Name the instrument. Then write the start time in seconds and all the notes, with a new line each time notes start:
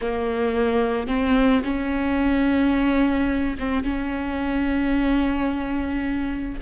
viola
0.01 A#3
1.07 C4
1.64 C#4
3.59 C4
3.83 C#4